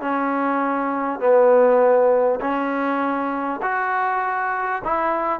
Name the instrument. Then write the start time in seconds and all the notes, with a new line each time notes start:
trombone
0.00 C#4
1.19 B3
2.40 C#4
3.62 F#4
4.84 E4